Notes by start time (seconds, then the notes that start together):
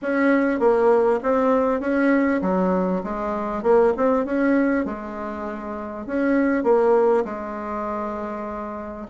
0.02 C#4
0.59 A#3
1.23 C4
1.80 C#4
2.41 F#3
3.03 G#3
3.62 A#3
3.97 C4
4.25 C#4
4.85 G#3
6.06 C#4
6.63 A#3
7.25 G#3